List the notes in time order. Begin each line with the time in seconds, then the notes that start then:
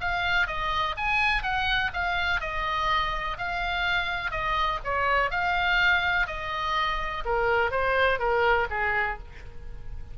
0.00 F5
0.47 D#5
0.97 G#5
1.42 F#5
1.93 F5
2.40 D#5
3.37 F5
4.31 D#5
4.84 C#5
5.30 F5
6.27 D#5
7.24 A#4
7.70 C5
8.18 A#4
8.70 G#4